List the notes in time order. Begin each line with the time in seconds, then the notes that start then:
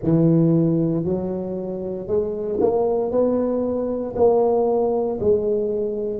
0.03 E3
1.04 F#3
2.07 G#3
2.60 A#3
3.11 B3
4.16 A#3
5.20 G#3